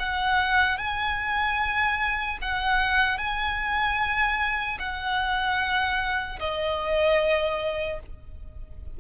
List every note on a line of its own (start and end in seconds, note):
0.00 0.78 F#5
0.78 2.38 G#5
2.41 3.18 F#5
3.18 4.78 G#5
4.80 6.40 F#5
6.40 8.00 D#5